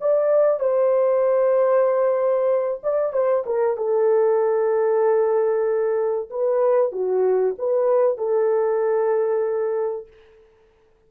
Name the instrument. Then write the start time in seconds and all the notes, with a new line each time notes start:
horn
0.00 D5
0.59 C5
2.83 D5
3.12 C5
3.46 A#4
3.76 A4
6.30 B4
6.92 F#4
7.58 B4
8.17 A4